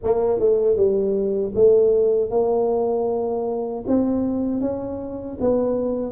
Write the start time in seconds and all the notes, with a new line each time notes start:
0.03 A#3
0.39 A3
0.76 G3
1.54 A3
2.30 A#3
3.87 C4
4.60 C#4
5.40 B3